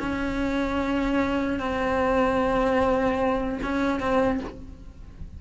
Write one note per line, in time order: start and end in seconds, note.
0.00 1.60 C#4
1.60 3.60 C4
3.63 4.01 C#4
4.01 4.41 C4